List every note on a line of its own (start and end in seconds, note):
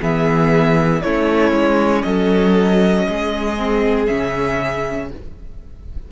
0.00 1.03 E3
0.00 1.02 B3
0.00 1.03 G#4
0.00 1.01 E5
1.01 1.52 A3
1.01 3.57 C#4
1.01 2.03 E4
1.01 2.02 C#5
1.52 2.03 G#3
2.02 3.07 F#3
2.02 3.05 A4
2.02 4.05 D#5
3.05 4.09 G#3
3.05 5.08 G#4
3.57 4.07 C4
4.07 5.11 C#3
4.07 5.08 C#4
4.07 5.08 E5